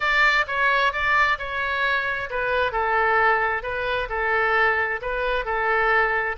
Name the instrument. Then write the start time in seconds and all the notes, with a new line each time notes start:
oboe
0.00 D5
0.47 C#5
0.92 D5
1.38 C#5
2.30 B4
2.71 A4
3.62 B4
4.09 A4
5.01 B4
5.45 A4